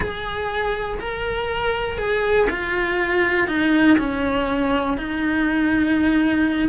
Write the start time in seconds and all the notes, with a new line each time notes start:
0.00 G#4
0.99 A#4
1.97 G#4
2.50 F4
3.47 D#4
3.98 C#4
4.97 D#4